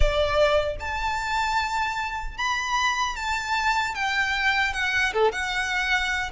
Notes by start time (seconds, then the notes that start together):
0.00 D5
0.79 A5
2.37 B5
3.15 A5
3.94 G5
4.73 F#5
5.13 A4
5.32 F#5